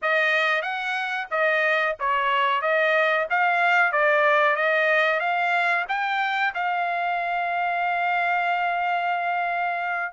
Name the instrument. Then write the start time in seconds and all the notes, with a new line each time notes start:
trumpet
0.02 D#5
0.61 F#5
1.30 D#5
1.99 C#5
2.61 D#5
3.29 F5
3.92 D5
4.55 D#5
5.19 F5
5.88 G5
6.54 F5